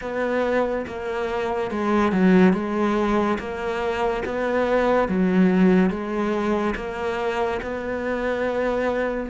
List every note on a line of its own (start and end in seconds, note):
0.01 0.85 B3
0.86 1.71 A#3
1.71 2.11 G#3
2.11 2.53 F#3
2.53 3.38 G#3
3.38 4.23 A#3
4.25 5.08 B3
5.08 5.89 F#3
5.89 6.74 G#3
6.75 7.60 A#3
7.61 9.29 B3